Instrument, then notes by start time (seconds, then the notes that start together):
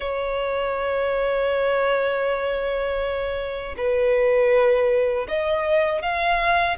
violin
0.00 C#5
3.77 B4
5.28 D#5
6.02 F5